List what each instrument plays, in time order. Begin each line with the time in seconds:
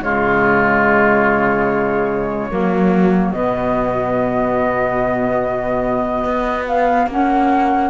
0.00 cello C#3, saxophone G#3, oboe F4, flute C#5
2.50 cello F#3, saxophone A#3, oboe F#4
3.31 cello B2, saxophone B3, flute D#5
6.24 cello B3
6.68 flute F5
7.07 cello A#3, saxophone C#4, flute F#5